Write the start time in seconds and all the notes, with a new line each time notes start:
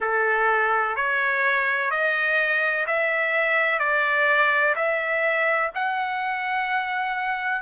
0.00 A4
0.96 C#5
1.90 D#5
2.86 E5
3.79 D5
4.75 E5
5.74 F#5